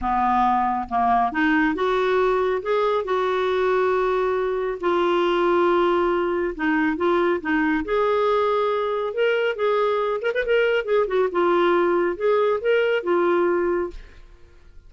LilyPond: \new Staff \with { instrumentName = "clarinet" } { \time 4/4 \tempo 4 = 138 b2 ais4 dis'4 | fis'2 gis'4 fis'4~ | fis'2. f'4~ | f'2. dis'4 |
f'4 dis'4 gis'2~ | gis'4 ais'4 gis'4. ais'16 b'16 | ais'4 gis'8 fis'8 f'2 | gis'4 ais'4 f'2 | }